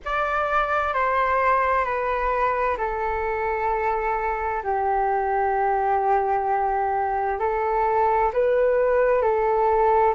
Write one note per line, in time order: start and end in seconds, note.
0.05 0.93 D5
0.93 1.84 C5
1.84 2.77 B4
2.77 4.62 A4
4.63 7.39 G4
7.39 8.31 A4
8.33 9.21 B4
9.21 10.14 A4